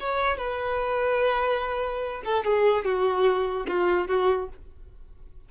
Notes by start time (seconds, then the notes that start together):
0.00 C#5
0.37 B4
2.25 A4
2.44 G#4
2.84 F#4
3.67 F4
4.07 F#4